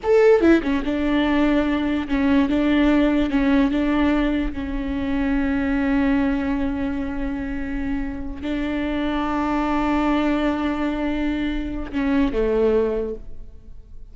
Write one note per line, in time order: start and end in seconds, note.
0.03 0.40 A4
0.40 0.61 E4
0.62 0.83 C#4
0.84 2.07 D4
2.08 2.49 C#4
2.49 3.30 D4
3.30 3.71 C#4
3.71 4.53 D4
4.53 8.42 C#4
8.42 11.91 D4
11.92 12.32 C#4
12.32 13.14 A3